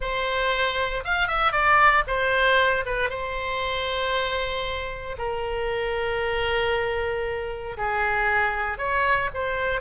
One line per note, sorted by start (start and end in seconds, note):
0.00 1.04 C5
1.04 1.27 F5
1.27 1.52 E5
1.52 2.03 D5
2.07 2.84 C5
2.85 3.09 B4
3.09 5.16 C5
5.18 7.76 A#4
7.77 8.77 G#4
8.77 9.29 C#5
9.34 9.80 C5